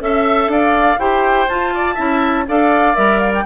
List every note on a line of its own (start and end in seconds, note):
0.00 0.48 C#4
0.00 0.98 A4
0.00 0.51 E5
0.00 0.52 E5
0.48 0.97 D4
0.48 1.00 D5
0.48 0.99 F5
0.99 1.48 E4
0.99 1.48 G4
0.99 1.74 C5
0.99 1.48 G5
1.48 1.98 F4
1.48 1.96 F4
1.48 2.47 A5
1.74 1.94 D5
1.94 2.47 C#4
1.94 2.45 E4
1.94 2.44 E5
2.47 2.97 D4
2.47 2.95 A4
2.47 3.45 D5
2.47 2.95 F5
2.95 3.45 G3
2.95 3.44 A#4
2.95 3.19 E5
3.19 3.32 F5
3.34 3.45 G5